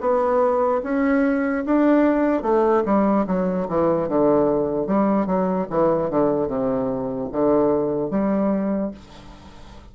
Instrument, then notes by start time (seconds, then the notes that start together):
bassoon
0.00 B3
0.83 C#4
1.65 D4
2.42 A3
2.85 G3
3.27 F#3
3.68 E3
4.08 D3
4.86 G3
5.26 F#3
5.69 E3
6.10 D3
6.47 C3
7.32 D3
8.10 G3